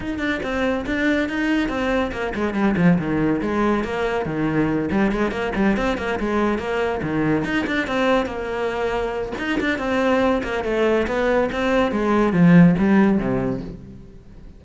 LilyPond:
\new Staff \with { instrumentName = "cello" } { \time 4/4 \tempo 4 = 141 dis'8 d'8 c'4 d'4 dis'4 | c'4 ais8 gis8 g8 f8 dis4 | gis4 ais4 dis4. g8 | gis8 ais8 g8 c'8 ais8 gis4 ais8~ |
ais8 dis4 dis'8 d'8 c'4 ais8~ | ais2 dis'8 d'8 c'4~ | c'8 ais8 a4 b4 c'4 | gis4 f4 g4 c4 | }